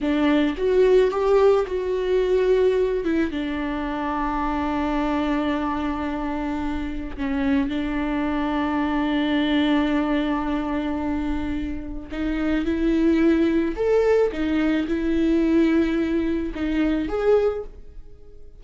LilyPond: \new Staff \with { instrumentName = "viola" } { \time 4/4 \tempo 4 = 109 d'4 fis'4 g'4 fis'4~ | fis'4. e'8 d'2~ | d'1~ | d'4 cis'4 d'2~ |
d'1~ | d'2 dis'4 e'4~ | e'4 a'4 dis'4 e'4~ | e'2 dis'4 gis'4 | }